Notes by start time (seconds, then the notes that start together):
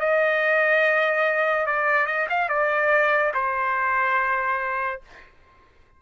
0.00 D#5
1.66 D5
2.06 D#5
2.30 F5
2.49 D5
3.34 C5